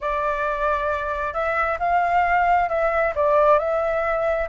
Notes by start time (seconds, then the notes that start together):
0.00 D5
1.33 E5
1.79 F5
2.68 E5
3.15 D5
3.58 E5